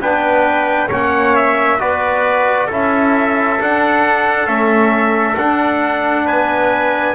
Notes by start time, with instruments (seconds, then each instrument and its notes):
0.00 double bass B3, trombone D4, trumpet B4 G5
0.88 double bass A#3, trombone C#4, trumpet C#5 F#5
1.36 trumpet E5
1.79 double bass B3, trombone F#4, trumpet B4 D5
2.67 double bass C#4, trombone E4, trumpet A4
2.74 trumpet E5
3.60 trombone D4, double bass D4, trumpet F#5
4.47 double bass A3, trombone C#4, trumpet E5
5.38 double bass D4, trombone D4, trumpet F#5
6.25 double bass B3, trumpet B4 G#5